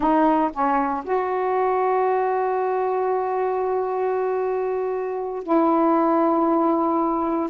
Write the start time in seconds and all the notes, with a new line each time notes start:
0.00 D#4
0.52 C#4
1.04 F#4
5.43 E4